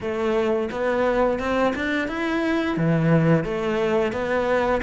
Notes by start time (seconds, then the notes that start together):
0.00 A3
0.71 B3
1.39 C4
1.75 D4
2.08 E4
2.76 E3
3.44 A3
4.12 B3